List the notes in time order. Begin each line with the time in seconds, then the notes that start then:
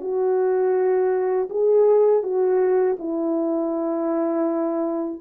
0.00 F#4
1.49 G#4
2.22 F#4
2.98 E4